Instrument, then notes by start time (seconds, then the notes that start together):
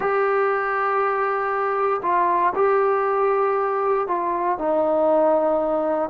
trombone
0.00 G4
2.02 F4
2.55 G4
4.07 F4
4.58 D#4